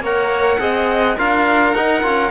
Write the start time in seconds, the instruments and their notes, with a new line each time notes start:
0.00 cello A#3, trombone A#4, violin C#5, trumpet F#5
0.59 cello C4, trombone G#4, violin D#5
1.17 cello D4, trombone F4, violin A#4, trumpet F5
1.74 cello D#4, trombone D#4, trumpet F#5
2.03 cello C#4, trombone F4